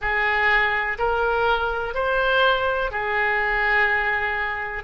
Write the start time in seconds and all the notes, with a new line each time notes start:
0.01 G#4
0.98 A#4
1.94 C5
2.91 G#4